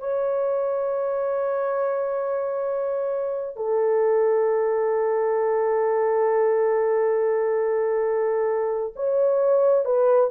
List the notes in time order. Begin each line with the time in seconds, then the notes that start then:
0.00 C#5
3.57 A4
8.96 C#5
9.85 B4